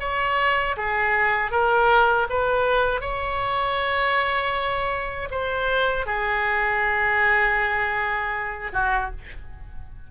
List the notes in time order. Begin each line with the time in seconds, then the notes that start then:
0.00 C#5
0.77 G#4
1.51 A#4
2.30 B4
3.01 C#5
5.31 C5
6.06 G#4
8.73 F#4